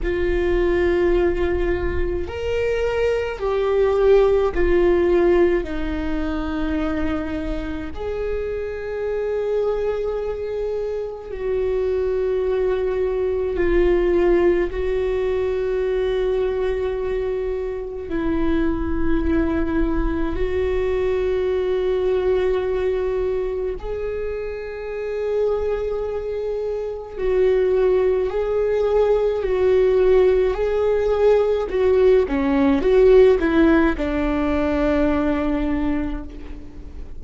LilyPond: \new Staff \with { instrumentName = "viola" } { \time 4/4 \tempo 4 = 53 f'2 ais'4 g'4 | f'4 dis'2 gis'4~ | gis'2 fis'2 | f'4 fis'2. |
e'2 fis'2~ | fis'4 gis'2. | fis'4 gis'4 fis'4 gis'4 | fis'8 cis'8 fis'8 e'8 d'2 | }